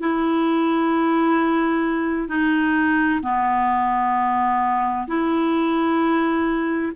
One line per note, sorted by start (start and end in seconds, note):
0.00 2.28 E4
2.28 3.21 D#4
3.23 5.07 B3
5.08 6.92 E4